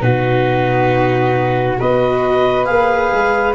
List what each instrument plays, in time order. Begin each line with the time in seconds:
0.00 tuba B2, viola D#4, flute F#4, clarinet B4
1.78 tuba B3, viola F#4, flute B4, clarinet D#5
2.65 tuba A#3, viola G#4, clarinet F5
3.13 tuba G#3